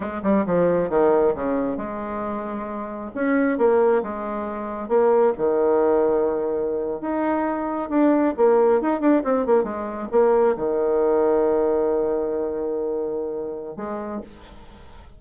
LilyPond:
\new Staff \with { instrumentName = "bassoon" } { \time 4/4 \tempo 4 = 135 gis8 g8 f4 dis4 cis4 | gis2. cis'4 | ais4 gis2 ais4 | dis2.~ dis8. dis'16~ |
dis'4.~ dis'16 d'4 ais4 dis'16~ | dis'16 d'8 c'8 ais8 gis4 ais4 dis16~ | dis1~ | dis2. gis4 | }